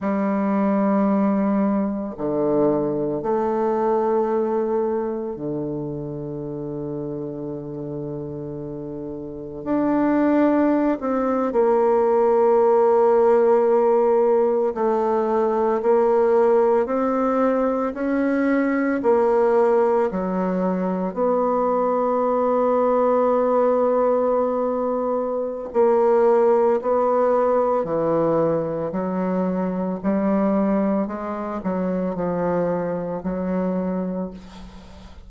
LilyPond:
\new Staff \with { instrumentName = "bassoon" } { \time 4/4 \tempo 4 = 56 g2 d4 a4~ | a4 d2.~ | d4 d'4~ d'16 c'8 ais4~ ais16~ | ais4.~ ais16 a4 ais4 c'16~ |
c'8. cis'4 ais4 fis4 b16~ | b1 | ais4 b4 e4 fis4 | g4 gis8 fis8 f4 fis4 | }